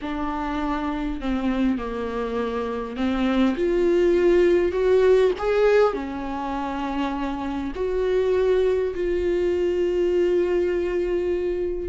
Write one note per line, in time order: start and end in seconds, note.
0.01 1.20 D4
1.20 1.77 C4
1.77 2.96 A#3
2.96 3.55 C4
3.56 4.72 F4
4.72 5.31 F#4
5.38 5.93 G#4
5.93 7.71 C#4
7.75 8.94 F#4
8.94 11.88 F4